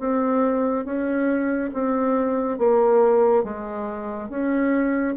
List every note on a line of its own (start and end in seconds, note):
0.00 0.86 C4
0.86 1.71 C#4
1.74 2.59 C4
2.59 3.44 A#3
3.44 4.30 G#3
4.30 5.16 C#4